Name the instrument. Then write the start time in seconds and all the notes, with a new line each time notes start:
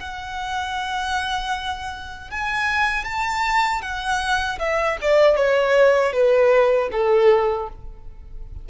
violin
0.00 F#5
2.31 G#5
3.05 A5
3.82 F#5
4.59 E5
5.01 D5
5.36 C#5
6.13 B4
6.92 A4